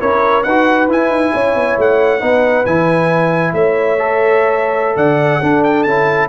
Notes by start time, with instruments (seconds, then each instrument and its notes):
0.00 tuba C#4, trombone E4, horn A#4, trumpet C#5
0.43 tuba D#4, horn B4, trumpet F#5
0.50 trombone F#4
0.89 tuba E4, trombone E4, trumpet G#5
1.09 tuba D#4
1.34 tuba C#4, horn C#5
1.55 tuba B3
1.78 tuba A3, trumpet F#5
2.20 tuba B3, trombone D#4, horn B4
2.66 tuba E3, trombone E4, trumpet G#5
3.53 tuba A3, horn C#5, trumpet E5
3.99 trombone A4
4.96 tuba D3, horn D5, trumpet F#5
5.40 trombone D4, tuba D4, horn A4
5.64 trumpet G5
5.83 tuba C#4, trombone E4, trumpet A5